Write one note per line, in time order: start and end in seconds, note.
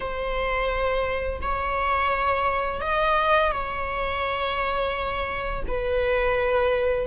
0.00 1.40 C5
1.41 2.81 C#5
2.81 3.51 D#5
3.51 5.63 C#5
5.67 7.07 B4